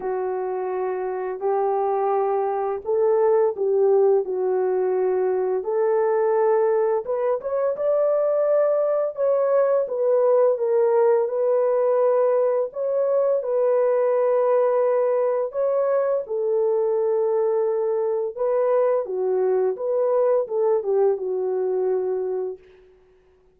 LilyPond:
\new Staff \with { instrumentName = "horn" } { \time 4/4 \tempo 4 = 85 fis'2 g'2 | a'4 g'4 fis'2 | a'2 b'8 cis''8 d''4~ | d''4 cis''4 b'4 ais'4 |
b'2 cis''4 b'4~ | b'2 cis''4 a'4~ | a'2 b'4 fis'4 | b'4 a'8 g'8 fis'2 | }